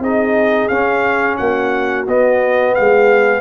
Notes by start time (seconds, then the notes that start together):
0.00 C4 D#4 G#4 D#5
0.69 C#4 F5
1.37 A#3 F#4 F#5
2.08 B3 D#5
2.75 G#3 G#4 F5